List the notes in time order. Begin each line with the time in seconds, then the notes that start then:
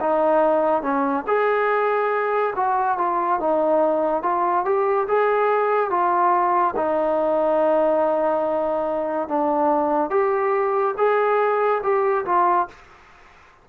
0.00 D#4
0.82 C#4
1.27 G#4
2.56 F#4
2.98 F4
3.40 D#4
4.23 F4
4.65 G4
5.08 G#4
5.90 F4
6.76 D#4
9.28 D4
10.10 G4
10.97 G#4
11.83 G4
12.25 F4